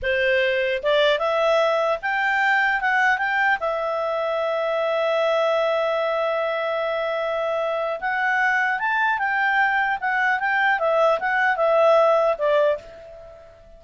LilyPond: \new Staff \with { instrumentName = "clarinet" } { \time 4/4 \tempo 4 = 150 c''2 d''4 e''4~ | e''4 g''2 fis''4 | g''4 e''2.~ | e''1~ |
e''1 | fis''2 a''4 g''4~ | g''4 fis''4 g''4 e''4 | fis''4 e''2 d''4 | }